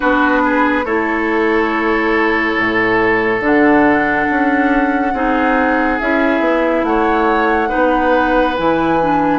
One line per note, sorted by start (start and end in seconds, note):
0.00 0.85 B3
0.00 0.84 D4
0.00 0.42 F#4
0.00 0.85 B4
0.44 0.85 G#4
0.85 2.56 A3
0.85 3.41 E4
0.85 5.14 A4
0.85 3.42 C#5
2.57 3.40 A2
3.40 4.26 D3
3.40 5.12 D4
3.40 6.00 F#5
4.30 5.13 C#4
5.13 5.99 C4
5.13 6.00 D#4
5.13 6.85 G#4
6.00 6.39 C#4
6.00 7.68 E4
6.00 6.84 E5
6.39 6.82 B3
6.83 7.69 A3
6.83 7.69 C#5
6.83 8.56 F#5
7.68 8.54 D#4
7.68 9.39 B4
7.74 8.58 B3
8.56 9.39 E3
8.56 8.99 E4
8.56 9.39 G#5
9.00 9.39 D4